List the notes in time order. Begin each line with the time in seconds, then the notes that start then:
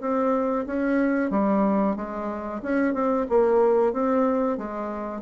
0.00 C4
0.66 C#4
1.30 G3
1.96 G#3
2.62 C#4
2.93 C4
3.29 A#3
3.93 C4
4.57 G#3